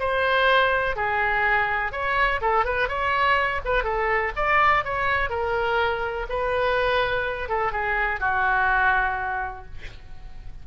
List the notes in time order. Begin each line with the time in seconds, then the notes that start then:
0.00 C5
0.97 G#4
1.92 C#5
2.42 A4
2.65 B4
2.89 C#5
3.65 B4
3.84 A4
4.36 D5
4.85 C#5
5.30 A#4
6.30 B4
7.49 A4
7.73 G#4
8.21 F#4